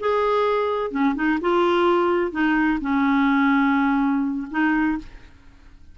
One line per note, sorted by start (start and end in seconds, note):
0.00 0.91 G#4
0.91 1.15 C#4
1.15 1.39 D#4
1.41 2.32 F4
2.32 2.79 D#4
2.81 4.47 C#4
4.51 4.98 D#4